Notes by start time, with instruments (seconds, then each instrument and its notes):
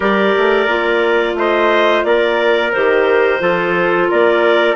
0.00 bassoon G3, clarinet G4 D5, trumpet A#4
0.37 bassoon A3
0.66 bassoon A#3, clarinet F4
1.34 bassoon A3, trumpet C5, clarinet D#5
2.04 bassoon A#3, trumpet A#4, clarinet D5
2.72 bassoon D#3, clarinet G4 C5
3.39 bassoon F3, clarinet F4, trumpet A4
4.09 bassoon A#3, trumpet A#4, clarinet D5